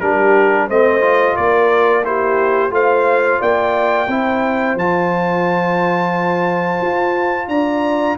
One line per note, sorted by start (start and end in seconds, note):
0.00 0.69 G3
0.00 0.70 D4
0.00 0.68 G4
0.00 0.68 A#4
0.68 1.37 A3
0.68 1.01 C4
0.68 1.36 C5
0.68 1.36 D#5
1.01 2.03 F4
1.36 2.71 A#3
1.36 2.06 A#4
1.36 2.04 D5
2.04 2.70 E4
2.04 2.73 G4
2.04 2.73 C5
2.70 3.39 A3
2.70 4.07 F4
2.70 3.40 C5
2.70 3.42 F5
3.40 4.08 A#3
3.40 4.08 D5
3.40 4.78 G5
4.08 4.76 C4
4.08 4.78 E4
4.08 7.49 C5
4.76 6.80 F3
4.76 8.18 F4
4.76 7.48 A5
6.81 7.48 F4
7.48 8.16 D4
7.48 8.17 D5
7.48 8.17 A#5